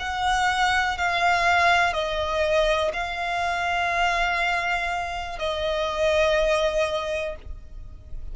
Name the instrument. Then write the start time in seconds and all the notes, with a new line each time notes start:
violin
0.00 F#5
0.98 F5
1.94 D#5
2.94 F5
5.39 D#5